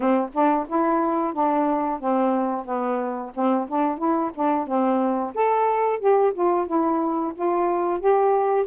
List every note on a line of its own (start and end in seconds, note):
0.00 0.29 C4
0.33 0.66 D4
0.68 1.33 E4
1.33 2.00 D4
2.00 2.65 C4
2.65 3.32 B3
3.35 3.68 C4
3.68 3.98 D4
3.98 4.31 E4
4.34 4.67 D4
4.67 5.33 C4
5.34 5.99 A4
5.99 6.32 G4
6.33 6.66 F4
6.66 7.33 E4
7.35 7.99 F4
7.99 8.66 G4